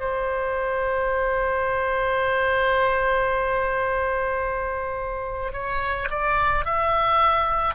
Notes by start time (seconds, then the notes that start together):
0.00 C5
5.53 C#5
6.11 D5
6.66 E5